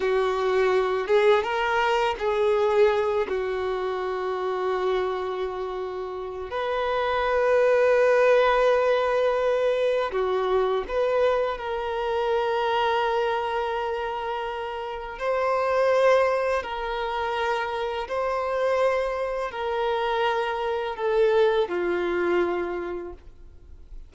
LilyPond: \new Staff \with { instrumentName = "violin" } { \time 4/4 \tempo 4 = 83 fis'4. gis'8 ais'4 gis'4~ | gis'8 fis'2.~ fis'8~ | fis'4 b'2.~ | b'2 fis'4 b'4 |
ais'1~ | ais'4 c''2 ais'4~ | ais'4 c''2 ais'4~ | ais'4 a'4 f'2 | }